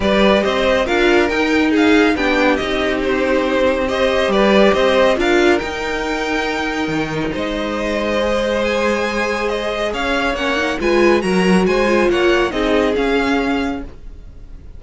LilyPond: <<
  \new Staff \with { instrumentName = "violin" } { \time 4/4 \tempo 4 = 139 d''4 dis''4 f''4 g''4 | f''4 g''4 dis''4 c''4~ | c''4 dis''4 d''4 dis''4 | f''4 g''2.~ |
g''4 dis''2. | gis''2 dis''4 f''4 | fis''4 gis''4 ais''4 gis''4 | fis''4 dis''4 f''2 | }
  \new Staff \with { instrumentName = "violin" } { \time 4/4 b'4 c''4 ais'2 | gis'4 g'2.~ | g'4 c''4 b'4 c''4 | ais'1~ |
ais'4 c''2.~ | c''2. cis''4~ | cis''4 b'4 ais'4 c''4 | cis''4 gis'2. | }
  \new Staff \with { instrumentName = "viola" } { \time 4/4 g'2 f'4 dis'4~ | dis'4 d'4 dis'2~ | dis'4 g'2. | f'4 dis'2.~ |
dis'2. gis'4~ | gis'1 | cis'8 dis'8 f'4 fis'4. f'8~ | f'4 dis'4 cis'2 | }
  \new Staff \with { instrumentName = "cello" } { \time 4/4 g4 c'4 d'4 dis'4~ | dis'4 b4 c'2~ | c'2 g4 c'4 | d'4 dis'2. |
dis4 gis2.~ | gis2. cis'4 | ais4 gis4 fis4 gis4 | ais4 c'4 cis'2 | }
>>